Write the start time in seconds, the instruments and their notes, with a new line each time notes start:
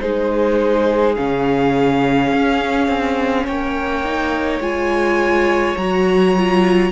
0.00 cello G#3, viola D#4, violin G#4 C5
1.15 cello C#3, viola C#4, violin F5
2.32 cello C#4
2.88 cello C4
3.44 cello A#3, violin C#5 G5
4.04 viola D#4
4.60 cello G#3, viola F4, violin G#5
5.76 cello F#3, viola F#4, violin A#5
6.37 viola F4